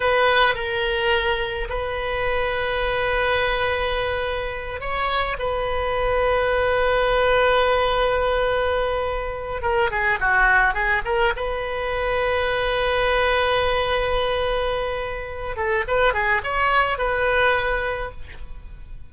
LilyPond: \new Staff \with { instrumentName = "oboe" } { \time 4/4 \tempo 4 = 106 b'4 ais'2 b'4~ | b'1~ | b'8 cis''4 b'2~ b'8~ | b'1~ |
b'4 ais'8 gis'8 fis'4 gis'8 ais'8 | b'1~ | b'2.~ b'8 a'8 | b'8 gis'8 cis''4 b'2 | }